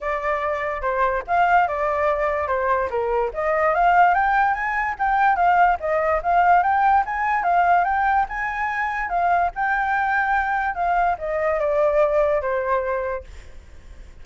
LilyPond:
\new Staff \with { instrumentName = "flute" } { \time 4/4 \tempo 4 = 145 d''2 c''4 f''4 | d''2 c''4 ais'4 | dis''4 f''4 g''4 gis''4 | g''4 f''4 dis''4 f''4 |
g''4 gis''4 f''4 g''4 | gis''2 f''4 g''4~ | g''2 f''4 dis''4 | d''2 c''2 | }